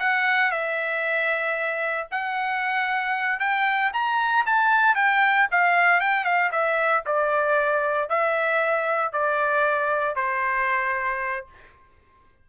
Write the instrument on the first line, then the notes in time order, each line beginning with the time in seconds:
trumpet
0.00 F#5
0.51 E5
2.12 F#5
3.40 G5
3.94 A#5
4.46 A5
4.96 G5
5.52 F5
6.01 G5
6.25 F5
6.52 E5
7.06 D5
8.09 E5
9.13 D5
10.16 C5